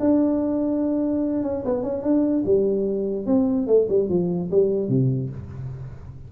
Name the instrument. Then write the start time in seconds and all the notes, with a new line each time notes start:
tuba
0.00 D4
1.43 C#4
1.65 B3
1.83 C#4
2.03 D4
2.46 G3
3.27 C4
3.67 A3
3.89 G3
4.09 F3
4.51 G3
4.89 C3